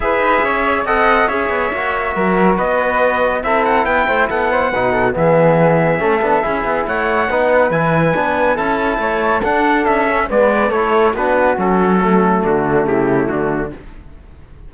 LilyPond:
<<
  \new Staff \with { instrumentName = "trumpet" } { \time 4/4 \tempo 4 = 140 e''2 fis''4 e''4~ | e''2 dis''2 | e''8 fis''8 g''4 fis''2 | e''1 |
fis''2 gis''2 | a''2 fis''4 e''4 | d''4 cis''4 b'4 a'4~ | a'4 fis'4 g'4 fis'4 | }
  \new Staff \with { instrumentName = "flute" } { \time 4/4 b'4 cis''4 dis''4 cis''4~ | cis''4 ais'4 b'2 | a'4 b'8 c''8 a'8 c''8 b'8 a'8 | gis'2 a'4 gis'4 |
cis''4 b'2. | a'4 cis''4 a'2 | b'4 a'4 fis'2 | cis'4 d'4 e'4 d'4 | }
  \new Staff \with { instrumentName = "trombone" } { \time 4/4 gis'2 a'4 gis'4 | fis'1 | e'2. dis'4 | b2 cis'8 d'8 e'4~ |
e'4 dis'4 e'4 d'4 | e'2 d'4. cis'8 | b4 e'4 d'4 cis'4 | a1 | }
  \new Staff \with { instrumentName = "cello" } { \time 4/4 e'8 dis'8 cis'4 c'4 cis'8 b8 | ais4 fis4 b2 | c'4 b8 a8 b4 b,4 | e2 a8 b8 cis'8 b8 |
a4 b4 e4 b4 | cis'4 a4 d'4 cis'4 | gis4 a4 b4 fis4~ | fis4 d4 cis4 d4 | }
>>